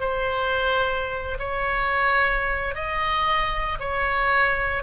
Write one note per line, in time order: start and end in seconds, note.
0.00 1.38 C5
1.39 2.75 C#5
2.75 3.78 D#5
3.80 4.83 C#5